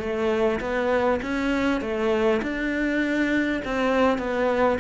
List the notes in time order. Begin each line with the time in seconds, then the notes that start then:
0.00 A3
0.60 B3
1.23 C#4
1.81 A3
2.42 D4
3.65 C4
4.19 B3